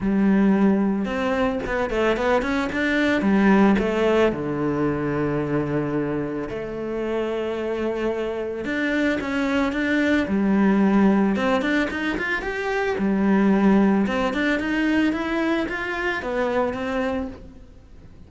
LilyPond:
\new Staff \with { instrumentName = "cello" } { \time 4/4 \tempo 4 = 111 g2 c'4 b8 a8 | b8 cis'8 d'4 g4 a4 | d1 | a1 |
d'4 cis'4 d'4 g4~ | g4 c'8 d'8 dis'8 f'8 g'4 | g2 c'8 d'8 dis'4 | e'4 f'4 b4 c'4 | }